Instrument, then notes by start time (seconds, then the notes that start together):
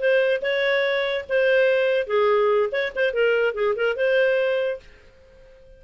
clarinet
0.00 C5
0.42 C#5
1.29 C5
2.07 G#4
2.72 C#5
2.96 C5
3.14 A#4
3.54 G#4
3.76 A#4
3.97 C5